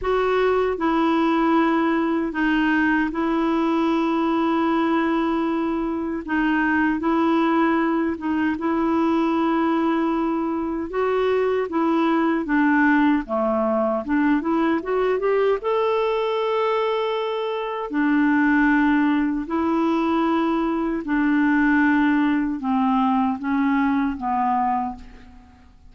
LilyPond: \new Staff \with { instrumentName = "clarinet" } { \time 4/4 \tempo 4 = 77 fis'4 e'2 dis'4 | e'1 | dis'4 e'4. dis'8 e'4~ | e'2 fis'4 e'4 |
d'4 a4 d'8 e'8 fis'8 g'8 | a'2. d'4~ | d'4 e'2 d'4~ | d'4 c'4 cis'4 b4 | }